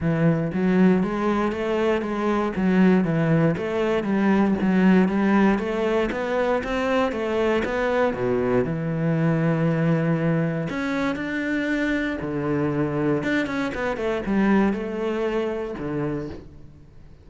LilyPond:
\new Staff \with { instrumentName = "cello" } { \time 4/4 \tempo 4 = 118 e4 fis4 gis4 a4 | gis4 fis4 e4 a4 | g4 fis4 g4 a4 | b4 c'4 a4 b4 |
b,4 e2.~ | e4 cis'4 d'2 | d2 d'8 cis'8 b8 a8 | g4 a2 d4 | }